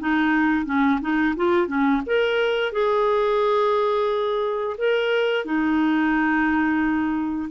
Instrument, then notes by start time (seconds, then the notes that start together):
clarinet
0.00 D#4
0.66 C#4
1.01 D#4
1.36 F4
1.68 C#4
2.06 A#4
2.72 G#4
4.78 A#4
5.45 D#4